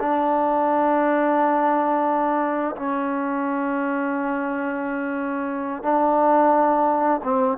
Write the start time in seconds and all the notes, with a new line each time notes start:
0.00 D4
2.77 C#4
5.83 D4
7.24 C4